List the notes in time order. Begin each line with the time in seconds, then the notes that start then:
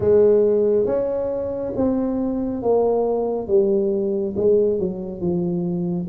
0.00 G#3
0.85 C#4
1.75 C4
2.62 A#3
3.47 G3
4.36 G#3
4.79 F#3
5.21 F3